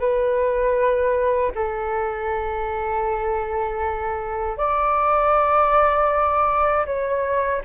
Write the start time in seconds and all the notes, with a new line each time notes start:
0.00 B4
1.55 A4
4.58 D5
6.86 C#5